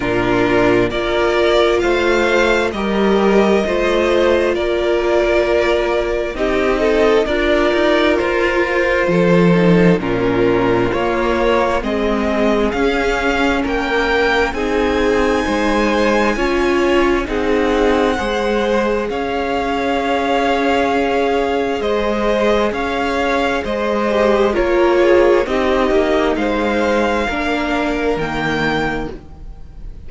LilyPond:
<<
  \new Staff \with { instrumentName = "violin" } { \time 4/4 \tempo 4 = 66 ais'4 d''4 f''4 dis''4~ | dis''4 d''2 dis''4 | d''4 c''2 ais'4 | cis''4 dis''4 f''4 g''4 |
gis''2. fis''4~ | fis''4 f''2. | dis''4 f''4 dis''4 cis''4 | dis''4 f''2 g''4 | }
  \new Staff \with { instrumentName = "violin" } { \time 4/4 f'4 ais'4 c''4 ais'4 | c''4 ais'2 g'8 a'8 | ais'2 a'4 f'4~ | f'4 gis'2 ais'4 |
gis'4 c''4 cis''4 gis'4 | c''4 cis''2. | c''4 cis''4 c''4 ais'8 gis'8 | g'4 c''4 ais'2 | }
  \new Staff \with { instrumentName = "viola" } { \time 4/4 d'4 f'2 g'4 | f'2. dis'4 | f'2~ f'8 dis'8 cis'4 | ais4 c'4 cis'2 |
dis'2 f'4 dis'4 | gis'1~ | gis'2~ gis'8 g'8 f'4 | dis'2 d'4 ais4 | }
  \new Staff \with { instrumentName = "cello" } { \time 4/4 ais,4 ais4 a4 g4 | a4 ais2 c'4 | d'8 dis'8 f'4 f4 ais,4 | ais4 gis4 cis'4 ais4 |
c'4 gis4 cis'4 c'4 | gis4 cis'2. | gis4 cis'4 gis4 ais4 | c'8 ais8 gis4 ais4 dis4 | }
>>